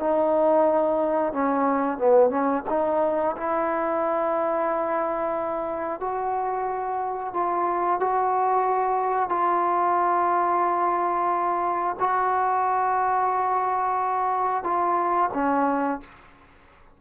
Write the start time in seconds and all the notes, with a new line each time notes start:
0.00 D#4
1.33 C#4
1.98 B3
2.30 C#4
2.70 D#4
3.37 E4
6.00 F#4
7.34 F4
8.00 F#4
9.29 F4
12.00 F#4
14.64 F4
15.34 C#4